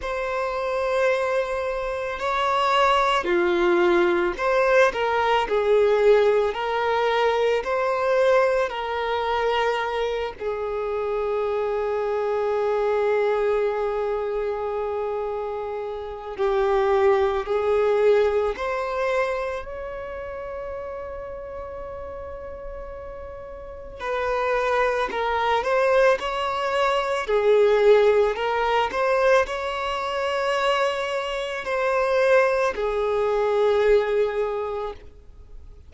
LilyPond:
\new Staff \with { instrumentName = "violin" } { \time 4/4 \tempo 4 = 55 c''2 cis''4 f'4 | c''8 ais'8 gis'4 ais'4 c''4 | ais'4. gis'2~ gis'8~ | gis'2. g'4 |
gis'4 c''4 cis''2~ | cis''2 b'4 ais'8 c''8 | cis''4 gis'4 ais'8 c''8 cis''4~ | cis''4 c''4 gis'2 | }